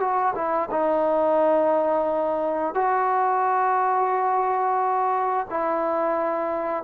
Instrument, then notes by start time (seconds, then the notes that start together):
trombone
0.00 F#4
0.35 E4
0.71 D#4
2.75 F#4
5.50 E4